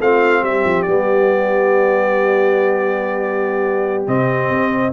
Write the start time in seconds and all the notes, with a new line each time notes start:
0.00 A3 C4 F4 F5
0.42 G3 G4 E5
0.65 F3
0.83 G3 B3 D5
4.07 C3 C4 D#5
4.51 C4